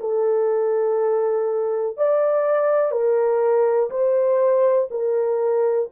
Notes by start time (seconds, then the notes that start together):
0.00 A4
1.97 D5
2.92 A#4
3.90 C5
4.90 A#4